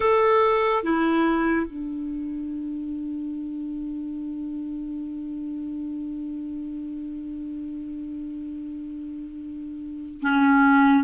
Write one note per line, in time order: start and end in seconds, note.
0.00 0.83 A4
0.83 1.66 E4
1.66 10.20 D4
10.21 11.03 C#4